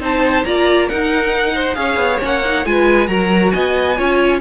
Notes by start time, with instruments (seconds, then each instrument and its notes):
0.00 cello C4, viola D#4, violin C5 A5
0.45 cello A#3, viola F4, violin D5 A#5
0.87 viola D#4, cello D#4, violin A#4 F#5
1.55 violin C5
1.75 cello C#4, viola G#4, violin C#5 F5
1.96 cello B3
2.20 cello A#3, viola C#4, violin F#5
2.45 viola D#4
2.65 cello G#3, viola F4, violin B4 G#5
3.07 cello F#3, viola F#4, violin A#4 A#5
3.51 cello B3, violin D#5 G#5
3.97 cello C#4, viola F4, violin C#5